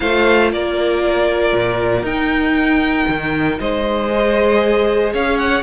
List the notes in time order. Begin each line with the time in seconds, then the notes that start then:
0.00 A3 F4 C5 F5
0.52 A#3 A#4 D5
1.52 A#2
2.02 D#4 G5
3.08 D#3
3.59 G#3 C5 D#5
4.09 G#4
5.13 C#4 C#5 F5
5.37 F#5